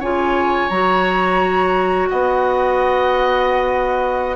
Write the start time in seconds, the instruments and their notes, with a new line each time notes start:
0.00 bassoon C#3, clarinet F4, oboe C#5, flute G#5
0.69 bassoon F#3, clarinet F#4, flute A#5
2.09 bassoon B3, oboe D#5, flute F#5